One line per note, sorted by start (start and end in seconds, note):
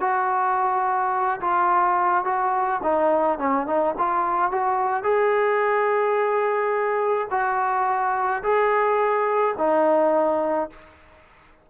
0.00 1.40 F#4
1.40 2.25 F4
2.25 2.81 F#4
2.83 3.39 D#4
3.39 3.67 C#4
3.67 3.95 D#4
3.98 4.51 F4
4.51 5.03 F#4
5.03 7.28 G#4
7.30 8.43 F#4
8.43 9.55 G#4
9.58 10.70 D#4